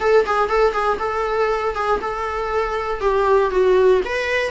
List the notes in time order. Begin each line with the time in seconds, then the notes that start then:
0.00 A4
0.26 G#4
0.49 A4
0.72 G#4
0.99 A4
1.75 G#4
2.01 A4
3.00 G4
3.50 F#4
4.05 B4